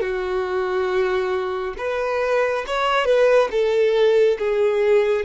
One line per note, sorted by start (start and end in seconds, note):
0.00 1.74 F#4
1.77 2.64 B4
2.66 3.05 C#5
3.05 3.48 B4
3.51 4.38 A4
4.38 5.25 G#4